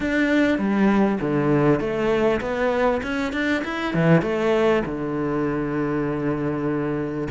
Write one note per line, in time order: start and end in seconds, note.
0.00 0.58 D4
0.58 1.18 G3
1.20 1.80 D3
1.80 2.40 A3
2.40 3.01 B3
3.02 3.33 C#4
3.33 3.63 D4
3.64 3.93 E4
3.93 4.22 E3
4.22 4.82 A3
4.85 7.28 D3